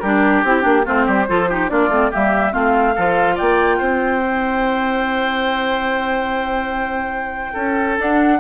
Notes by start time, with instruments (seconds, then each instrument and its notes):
0.00 bassoon G3, clarinet D4, oboe G4, flute A#4
0.43 bassoon C4, clarinet E4, flute G4
0.61 bassoon A#3, clarinet D4
0.85 bassoon A3, clarinet C4, oboe F4, flute C5
1.05 bassoon G3, oboe G4
1.28 bassoon F3, clarinet F4, oboe A4
1.49 clarinet D#4, oboe G4
1.69 bassoon A#3, clarinet D4, oboe F4, flute D5
1.89 bassoon A3, clarinet C4
2.10 bassoon G3, clarinet A#3, oboe G4, flute E5
2.52 bassoon A3, clarinet C4, oboe F4, flute F5
2.95 bassoon F3, clarinet F4, oboe A4
3.35 bassoon A#3, oboe D5, flute G5
3.78 bassoon C4, oboe C5
4.22 clarinet E4
7.53 bassoon C#4, oboe A4
7.98 clarinet D4, bassoon D4, flute F#5